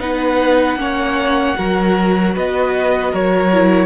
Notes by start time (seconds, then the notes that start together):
0.00 B3 D#4 B4 F#5
0.76 A#3 C#4 C#5
1.57 F#3 F#4 A#4
2.35 B3 B4 D#5
3.12 F#3 A#4 C#5
3.53 E4